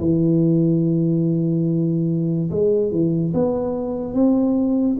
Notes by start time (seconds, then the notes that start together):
0.00 E3
2.50 G#3
2.91 E3
3.33 B3
4.14 C4